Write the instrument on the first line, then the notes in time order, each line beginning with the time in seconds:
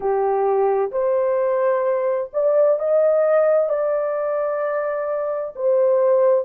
horn
0.00 G4
0.91 C5
2.33 D5
2.79 D#5
3.69 D5
5.55 C5